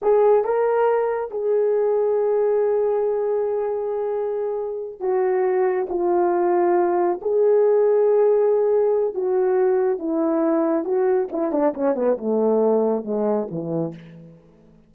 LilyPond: \new Staff \with { instrumentName = "horn" } { \time 4/4 \tempo 4 = 138 gis'4 ais'2 gis'4~ | gis'1~ | gis'2.~ gis'8 fis'8~ | fis'4. f'2~ f'8~ |
f'8 gis'2.~ gis'8~ | gis'4 fis'2 e'4~ | e'4 fis'4 e'8 d'8 cis'8 b8 | a2 gis4 e4 | }